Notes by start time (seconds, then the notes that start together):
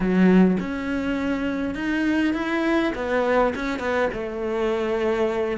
0.00 F#3
0.59 C#4
1.75 D#4
2.33 E4
2.95 B3
3.55 C#4
3.79 B3
4.13 A3